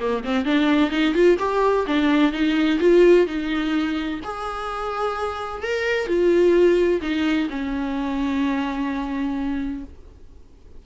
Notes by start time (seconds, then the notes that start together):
0.00 A#3
0.24 C4
0.45 D4
0.91 D#4
1.14 F4
1.39 G4
1.87 D4
2.32 D#4
2.80 F4
3.27 D#4
4.24 G#4
5.63 A#4
6.07 F4
7.02 D#4
7.50 C#4